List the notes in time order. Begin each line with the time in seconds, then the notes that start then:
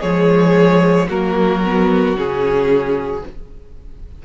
0.00 F3 G#3 G#4 C#5
1.08 F#3 A#3 F#4 A#4
1.65 B3
2.16 C#3 C#4 G#4